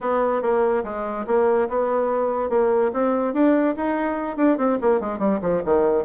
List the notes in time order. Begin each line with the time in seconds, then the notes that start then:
0.00 B3
0.42 A#3
0.84 G#3
1.27 A#3
1.68 B3
2.49 A#3
2.93 C4
3.33 D4
3.76 D#4
4.37 D4
4.57 C4
4.81 A#3
5.00 G#3
5.18 G3
5.41 F3
5.64 D#3